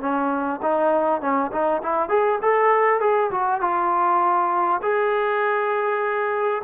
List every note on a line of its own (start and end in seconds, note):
0.00 0.60 C#4
0.62 1.21 D#4
1.21 1.51 C#4
1.51 1.81 D#4
1.82 2.09 E4
2.09 2.39 G#4
2.42 3.00 A4
3.00 3.30 G#4
3.31 3.61 F#4
3.61 4.81 F4
4.82 6.62 G#4